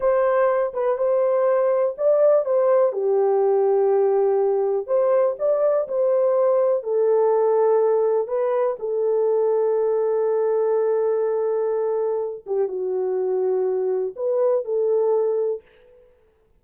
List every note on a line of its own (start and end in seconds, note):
0.00 0.72 C5
0.73 0.97 B4
0.97 1.95 C5
1.97 2.45 D5
2.45 2.92 C5
2.92 4.86 G4
4.86 5.35 C5
5.38 5.87 D5
5.88 6.83 C5
6.83 8.27 A4
8.27 8.76 B4
8.79 12.45 A4
12.46 12.68 G4
12.68 14.14 F#4
14.16 14.64 B4
14.64 15.62 A4